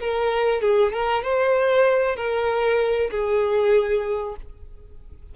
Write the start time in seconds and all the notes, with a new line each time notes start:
0.00 A#4
0.61 G#4
0.93 A#4
1.23 C5
2.16 A#4
3.11 G#4